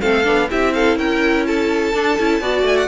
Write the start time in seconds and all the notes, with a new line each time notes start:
0.00 A3 C4 A4 F5
0.23 B3 D4
0.49 C4 E4 G4 E5
0.73 A4 F5
0.97 C#4 A#4 G5
1.46 A4 A5
1.93 D4
2.18 C#4 E4
2.41 B3 F#4 D5
2.62 A3 G#5
2.77 F#5